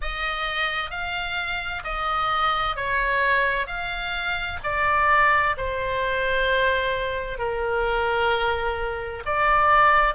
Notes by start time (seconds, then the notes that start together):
0.01 D#5
0.90 F5
1.83 D#5
2.76 C#5
3.66 F5
4.63 D5
5.57 C5
7.38 A#4
9.26 D5